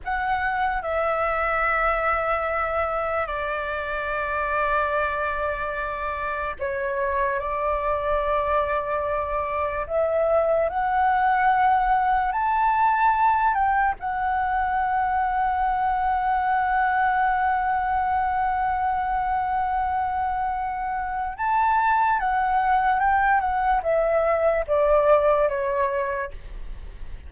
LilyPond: \new Staff \with { instrumentName = "flute" } { \time 4/4 \tempo 4 = 73 fis''4 e''2. | d''1 | cis''4 d''2. | e''4 fis''2 a''4~ |
a''8 g''8 fis''2.~ | fis''1~ | fis''2 a''4 fis''4 | g''8 fis''8 e''4 d''4 cis''4 | }